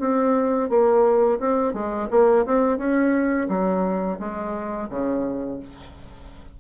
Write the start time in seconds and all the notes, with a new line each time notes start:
0.00 C4
0.69 A#3
1.40 C4
1.73 G#3
2.11 A#3
2.46 C4
2.78 C#4
3.49 F#3
4.20 G#3
4.90 C#3